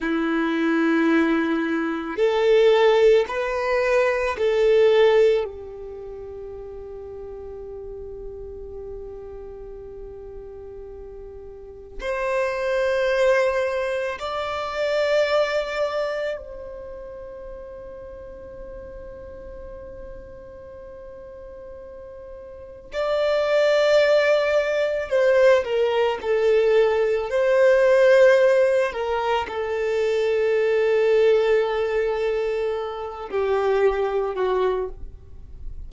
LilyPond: \new Staff \with { instrumentName = "violin" } { \time 4/4 \tempo 4 = 55 e'2 a'4 b'4 | a'4 g'2.~ | g'2. c''4~ | c''4 d''2 c''4~ |
c''1~ | c''4 d''2 c''8 ais'8 | a'4 c''4. ais'8 a'4~ | a'2~ a'8 g'4 fis'8 | }